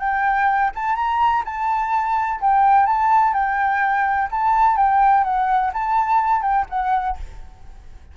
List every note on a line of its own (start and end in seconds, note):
0.00 0.71 G5
0.75 0.96 A5
0.96 1.44 A#5
1.45 2.41 A5
2.41 2.87 G5
2.87 3.34 A5
3.34 4.29 G5
4.31 4.77 A5
4.77 5.24 G5
5.24 5.72 F#5
5.74 6.42 A5
6.42 6.66 G5
6.70 7.17 F#5